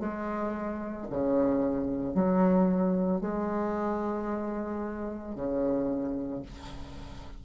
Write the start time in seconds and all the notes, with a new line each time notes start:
0.00 G#3
1.11 C#3
2.15 F#3
3.21 G#3
5.36 C#3